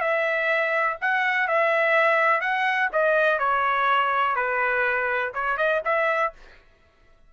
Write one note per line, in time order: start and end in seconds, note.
0.00 0.97 E5
1.01 1.47 F#5
1.47 2.40 E5
2.40 2.89 F#5
2.92 3.38 D#5
3.38 4.35 C#5
4.35 5.32 B4
5.34 5.57 C#5
5.57 5.81 D#5
5.84 6.33 E5